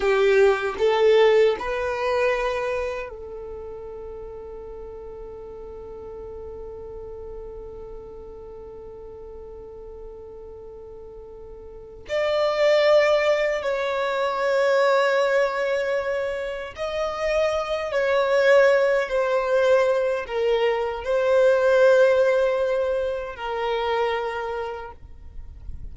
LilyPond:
\new Staff \with { instrumentName = "violin" } { \time 4/4 \tempo 4 = 77 g'4 a'4 b'2 | a'1~ | a'1~ | a'2.~ a'8 d''8~ |
d''4. cis''2~ cis''8~ | cis''4. dis''4. cis''4~ | cis''8 c''4. ais'4 c''4~ | c''2 ais'2 | }